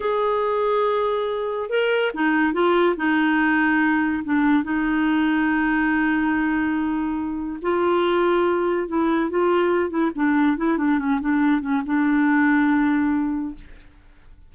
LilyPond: \new Staff \with { instrumentName = "clarinet" } { \time 4/4 \tempo 4 = 142 gis'1 | ais'4 dis'4 f'4 dis'4~ | dis'2 d'4 dis'4~ | dis'1~ |
dis'2 f'2~ | f'4 e'4 f'4. e'8 | d'4 e'8 d'8 cis'8 d'4 cis'8 | d'1 | }